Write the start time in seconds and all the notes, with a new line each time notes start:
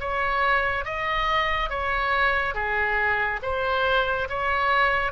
0.00 C#5
0.85 D#5
1.70 C#5
2.54 G#4
3.42 C5
4.29 C#5